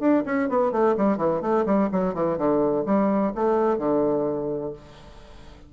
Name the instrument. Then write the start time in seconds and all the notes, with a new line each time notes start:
bassoon
0.00 D4
0.26 C#4
0.50 B3
0.72 A3
0.97 G3
1.18 E3
1.42 A3
1.66 G3
1.92 F#3
2.15 E3
2.38 D3
2.86 G3
3.35 A3
3.79 D3